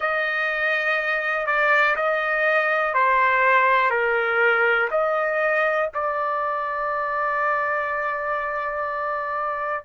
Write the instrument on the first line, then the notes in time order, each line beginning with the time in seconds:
trumpet
0.00 D#5
1.46 D5
1.96 D#5
2.93 C5
3.90 A#4
4.90 D#5
5.94 D5